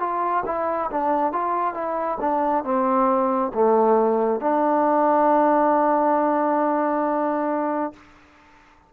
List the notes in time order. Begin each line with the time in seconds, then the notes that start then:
0.00 F4
0.46 E4
0.91 D4
1.33 F4
1.74 E4
2.21 D4
2.64 C4
3.54 A3
4.40 D4